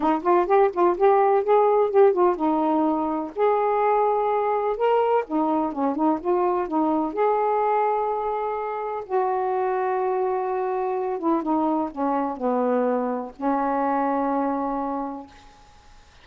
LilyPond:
\new Staff \with { instrumentName = "saxophone" } { \time 4/4 \tempo 4 = 126 dis'8 f'8 g'8 f'8 g'4 gis'4 | g'8 f'8 dis'2 gis'4~ | gis'2 ais'4 dis'4 | cis'8 dis'8 f'4 dis'4 gis'4~ |
gis'2. fis'4~ | fis'2.~ fis'8 e'8 | dis'4 cis'4 b2 | cis'1 | }